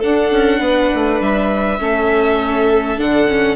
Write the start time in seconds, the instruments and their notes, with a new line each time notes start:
0.00 viola D4, bassoon D4, violin A4 F#5
0.31 bassoon C#4
0.60 bassoon B3, violin B4
0.95 bassoon A3
1.21 bassoon G3, violin E5
1.79 bassoon A3, viola C#4, violin A4
2.98 bassoon D3, viola D4, violin F#5
3.28 viola C#4